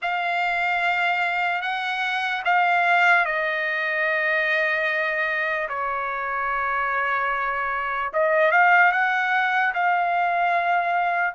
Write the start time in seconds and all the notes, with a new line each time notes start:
0.02 F5
1.61 F#5
2.44 F5
3.25 D#5
5.69 C#5
8.13 D#5
8.51 F5
8.92 F#5
9.73 F5